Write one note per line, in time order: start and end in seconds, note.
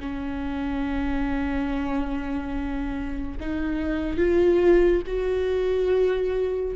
0.00 3.38 C#4
3.41 4.18 D#4
4.18 5.02 F4
5.07 6.76 F#4